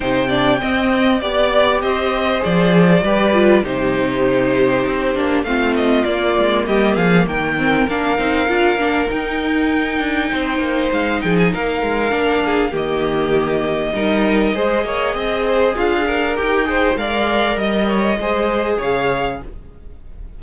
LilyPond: <<
  \new Staff \with { instrumentName = "violin" } { \time 4/4 \tempo 4 = 99 g''2 d''4 dis''4 | d''2 c''2~ | c''4 f''8 dis''8 d''4 dis''8 f''8 | g''4 f''2 g''4~ |
g''2 f''8 g''16 gis''16 f''4~ | f''4 dis''2.~ | dis''2 f''4 g''4 | f''4 dis''2 f''4 | }
  \new Staff \with { instrumentName = "violin" } { \time 4/4 c''8 d''8 dis''4 d''4 c''4~ | c''4 b'4 g'2~ | g'4 f'2 g'8 gis'8 | ais'1~ |
ais'4 c''4. gis'8 ais'4~ | ais'8 gis'8 g'2 ais'4 | c''8 cis''8 dis''8 c''8 f'8 ais'4 c''8 | d''4 dis''8 cis''8 c''4 cis''4 | }
  \new Staff \with { instrumentName = "viola" } { \time 4/4 dis'8 d'8 c'4 g'2 | gis'4 g'8 f'8 dis'2~ | dis'8 d'8 c'4 ais2~ | ais8 c'8 d'8 dis'8 f'8 d'8 dis'4~ |
dis'1 | d'4 ais2 dis'4 | gis'2. g'8 gis'8 | ais'2 gis'2 | }
  \new Staff \with { instrumentName = "cello" } { \time 4/4 c4 c'4 b4 c'4 | f4 g4 c2 | c'8 ais8 a4 ais8 gis8 g8 f8 | dis4 ais8 c'8 d'8 ais8 dis'4~ |
dis'8 d'8 c'8 ais8 gis8 f8 ais8 gis8 | ais4 dis2 g4 | gis8 ais8 c'4 d'4 dis'4 | gis4 g4 gis4 cis4 | }
>>